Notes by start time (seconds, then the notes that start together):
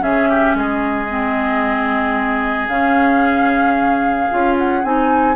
0.00 C#3 C#4 G#4 E5
0.29 G4
0.54 G#3 G#4 D#5
1.10 C4
2.68 C#3 C#4 F5
4.31 C#4 F4
4.58 F#5
4.84 C4 D#4 G#5